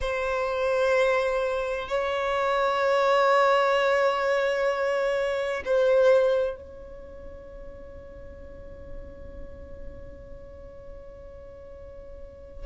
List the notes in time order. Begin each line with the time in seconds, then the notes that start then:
0.00 C5
1.88 C#5
5.65 C5
6.56 C#5